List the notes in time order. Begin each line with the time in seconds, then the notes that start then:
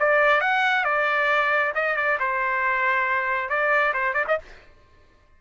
0.00 D5
0.41 F#5
0.85 D5
1.75 D#5
1.97 D5
2.20 C5
3.50 D5
3.94 C5
4.14 D5
4.28 D#5